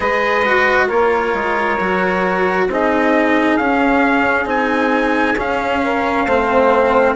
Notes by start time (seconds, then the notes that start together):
0.00 G#3 G#4 B4 D#5
0.44 F#4
0.87 A#3 F4 A#4 C#5
1.33 G#3
1.79 F#3 F#4
2.68 C4 D#4 G#4 D#5
3.57 C#4 F5
4.45 C4 D#4 G#5
5.35 C#4 F5
5.82 A#4
6.25 A3 C4 C5